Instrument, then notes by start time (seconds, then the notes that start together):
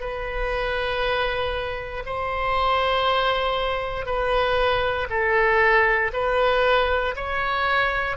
oboe
0.00 B4
2.06 C5
4.06 B4
5.10 A4
6.13 B4
7.16 C#5